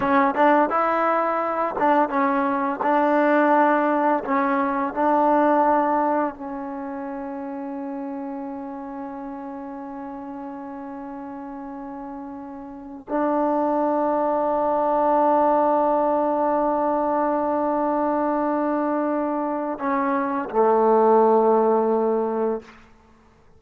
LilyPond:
\new Staff \with { instrumentName = "trombone" } { \time 4/4 \tempo 4 = 85 cis'8 d'8 e'4. d'8 cis'4 | d'2 cis'4 d'4~ | d'4 cis'2.~ | cis'1~ |
cis'2~ cis'8 d'4.~ | d'1~ | d'1 | cis'4 a2. | }